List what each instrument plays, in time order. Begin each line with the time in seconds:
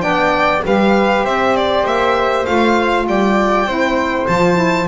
0.00 double bass B3, saxophone D4, flute D5, violin G5
0.65 double bass G3, saxophone G4, flute B4, violin F5
1.24 double bass C4, flute C5, violin E5
1.56 violin D5
1.85 double bass A#3, violin E5
2.45 double bass A3, saxophone F4, violin F5
3.07 double bass G3, flute D5, violin G5
3.65 double bass C4, saxophone E4, flute C5
4.27 double bass F3, saxophone F4, violin A5
4.54 saxophone E4